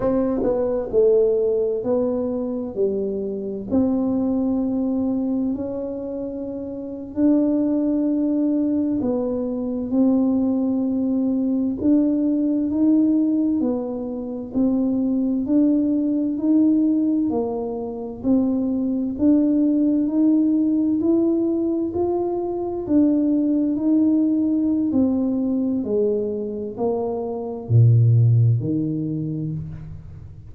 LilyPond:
\new Staff \with { instrumentName = "tuba" } { \time 4/4 \tempo 4 = 65 c'8 b8 a4 b4 g4 | c'2 cis'4.~ cis'16 d'16~ | d'4.~ d'16 b4 c'4~ c'16~ | c'8. d'4 dis'4 b4 c'16~ |
c'8. d'4 dis'4 ais4 c'16~ | c'8. d'4 dis'4 e'4 f'16~ | f'8. d'4 dis'4~ dis'16 c'4 | gis4 ais4 ais,4 dis4 | }